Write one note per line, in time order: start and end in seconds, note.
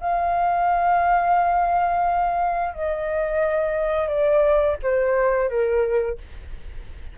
0.00 2.74 F5
2.74 4.08 D#5
4.08 4.77 D5
4.82 5.49 C5
5.49 6.18 A#4